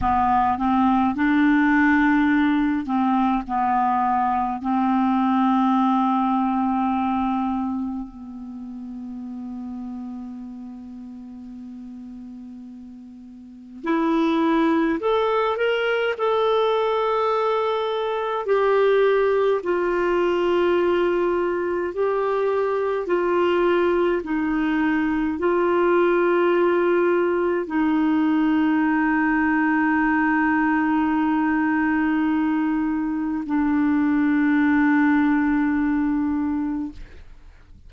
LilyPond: \new Staff \with { instrumentName = "clarinet" } { \time 4/4 \tempo 4 = 52 b8 c'8 d'4. c'8 b4 | c'2. b4~ | b1 | e'4 a'8 ais'8 a'2 |
g'4 f'2 g'4 | f'4 dis'4 f'2 | dis'1~ | dis'4 d'2. | }